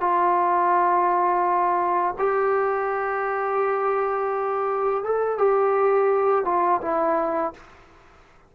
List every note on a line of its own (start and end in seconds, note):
0.00 2.14 F4
2.18 5.03 G4
5.03 5.38 A4
5.38 6.45 G4
6.45 6.81 F4
6.81 7.53 E4